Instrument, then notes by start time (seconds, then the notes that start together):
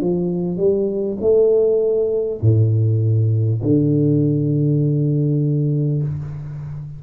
tuba
0.00 F3
0.57 G3
1.20 A3
2.41 A2
3.62 D3